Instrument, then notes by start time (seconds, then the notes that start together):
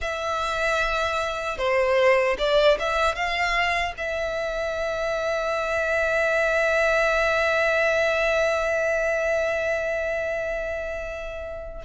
violin
0.01 E5
1.58 C5
2.38 D5
2.78 E5
3.15 F5
3.97 E5